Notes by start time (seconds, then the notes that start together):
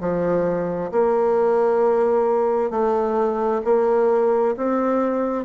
0.00 F3
0.91 A#3
2.70 A3
3.64 A#3
4.57 C4